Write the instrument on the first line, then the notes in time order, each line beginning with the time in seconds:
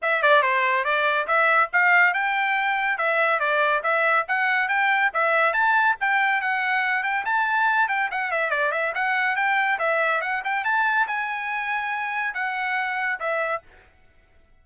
trumpet
0.02 E5
0.22 D5
0.42 C5
0.84 D5
1.27 E5
1.72 F5
2.13 G5
2.98 E5
3.39 D5
3.83 E5
4.28 F#5
4.68 G5
5.13 E5
5.53 A5
6.00 G5
6.41 F#5
7.03 G5
7.25 A5
7.88 G5
8.11 F#5
8.31 E5
8.50 D5
8.71 E5
8.95 F#5
9.36 G5
9.78 E5
10.21 F#5
10.44 G5
10.64 A5
11.07 G#5
12.34 F#5
13.19 E5